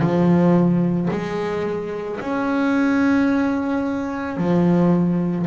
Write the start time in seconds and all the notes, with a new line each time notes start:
0.00 F3
1.11 G#3
2.21 C#4
4.38 F3